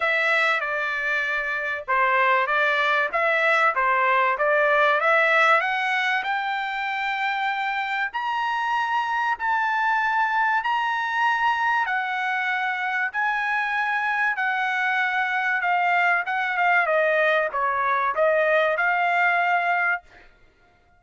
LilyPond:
\new Staff \with { instrumentName = "trumpet" } { \time 4/4 \tempo 4 = 96 e''4 d''2 c''4 | d''4 e''4 c''4 d''4 | e''4 fis''4 g''2~ | g''4 ais''2 a''4~ |
a''4 ais''2 fis''4~ | fis''4 gis''2 fis''4~ | fis''4 f''4 fis''8 f''8 dis''4 | cis''4 dis''4 f''2 | }